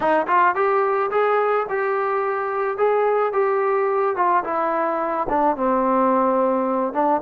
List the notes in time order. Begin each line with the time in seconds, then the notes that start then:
0.00 D#4
0.27 F4
0.55 G4
1.11 G#4
1.69 G4
2.77 G#4
3.32 G4
4.15 F4
4.44 E4
5.29 D4
5.56 C4
6.93 D4